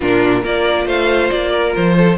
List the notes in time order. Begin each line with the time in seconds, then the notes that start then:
0.00 A#2 D4 F4 A#4
0.42 A#3 F4 A#4 D5
0.85 A3 C5 F5
1.30 A#3 D5
1.51 A#4
1.75 F3 C5
1.97 A4